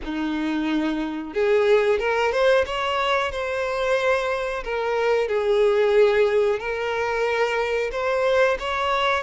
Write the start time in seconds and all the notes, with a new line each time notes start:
0.04 D#4
1.33 G#4
1.99 A#4
2.32 C5
2.66 C#5
3.31 C5
4.63 A#4
5.27 G#4
6.59 A#4
7.91 C5
8.59 C#5